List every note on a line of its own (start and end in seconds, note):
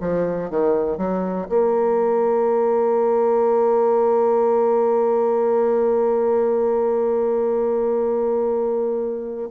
0.00 0.50 F3
0.50 0.97 D#3
0.97 1.47 F#3
1.49 9.49 A#3